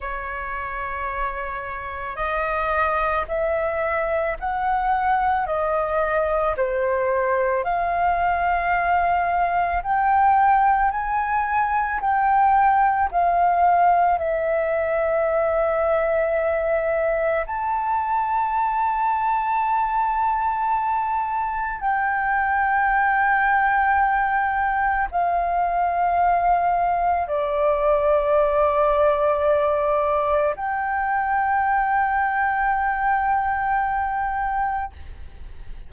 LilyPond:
\new Staff \with { instrumentName = "flute" } { \time 4/4 \tempo 4 = 55 cis''2 dis''4 e''4 | fis''4 dis''4 c''4 f''4~ | f''4 g''4 gis''4 g''4 | f''4 e''2. |
a''1 | g''2. f''4~ | f''4 d''2. | g''1 | }